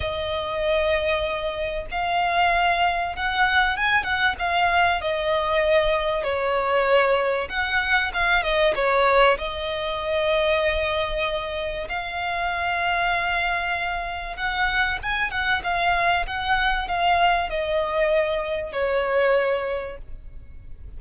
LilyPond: \new Staff \with { instrumentName = "violin" } { \time 4/4 \tempo 4 = 96 dis''2. f''4~ | f''4 fis''4 gis''8 fis''8 f''4 | dis''2 cis''2 | fis''4 f''8 dis''8 cis''4 dis''4~ |
dis''2. f''4~ | f''2. fis''4 | gis''8 fis''8 f''4 fis''4 f''4 | dis''2 cis''2 | }